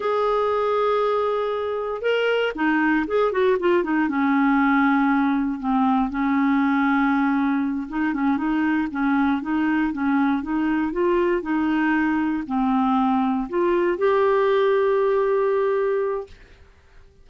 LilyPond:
\new Staff \with { instrumentName = "clarinet" } { \time 4/4 \tempo 4 = 118 gis'1 | ais'4 dis'4 gis'8 fis'8 f'8 dis'8 | cis'2. c'4 | cis'2.~ cis'8 dis'8 |
cis'8 dis'4 cis'4 dis'4 cis'8~ | cis'8 dis'4 f'4 dis'4.~ | dis'8 c'2 f'4 g'8~ | g'1 | }